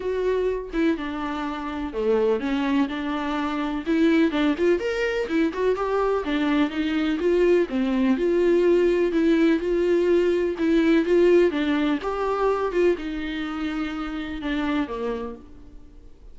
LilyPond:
\new Staff \with { instrumentName = "viola" } { \time 4/4 \tempo 4 = 125 fis'4. e'8 d'2 | a4 cis'4 d'2 | e'4 d'8 f'8 ais'4 e'8 fis'8 | g'4 d'4 dis'4 f'4 |
c'4 f'2 e'4 | f'2 e'4 f'4 | d'4 g'4. f'8 dis'4~ | dis'2 d'4 ais4 | }